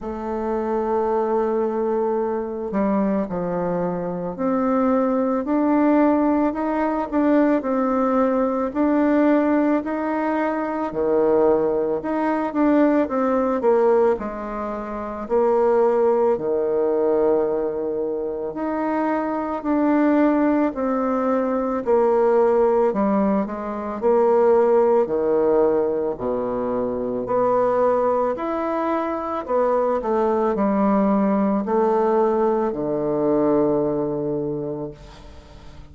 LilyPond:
\new Staff \with { instrumentName = "bassoon" } { \time 4/4 \tempo 4 = 55 a2~ a8 g8 f4 | c'4 d'4 dis'8 d'8 c'4 | d'4 dis'4 dis4 dis'8 d'8 | c'8 ais8 gis4 ais4 dis4~ |
dis4 dis'4 d'4 c'4 | ais4 g8 gis8 ais4 dis4 | b,4 b4 e'4 b8 a8 | g4 a4 d2 | }